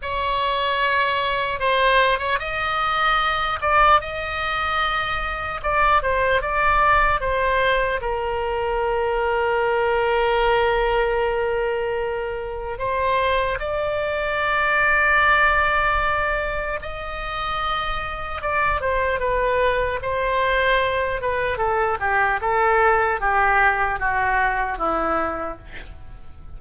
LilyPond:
\new Staff \with { instrumentName = "oboe" } { \time 4/4 \tempo 4 = 75 cis''2 c''8. cis''16 dis''4~ | dis''8 d''8 dis''2 d''8 c''8 | d''4 c''4 ais'2~ | ais'1 |
c''4 d''2.~ | d''4 dis''2 d''8 c''8 | b'4 c''4. b'8 a'8 g'8 | a'4 g'4 fis'4 e'4 | }